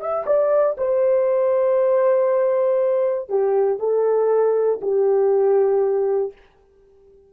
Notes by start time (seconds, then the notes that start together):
0.00 E5
0.26 D5
0.77 C5
3.28 G4
3.79 A4
4.81 G4